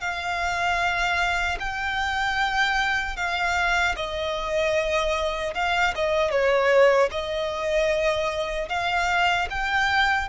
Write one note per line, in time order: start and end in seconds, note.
0.00 1.58 F5
1.59 3.16 G5
3.16 3.95 F5
3.96 5.54 D#5
5.54 5.94 F5
5.95 6.31 D#5
6.31 7.09 C#5
7.11 8.68 D#5
8.68 9.47 F5
9.50 10.28 G5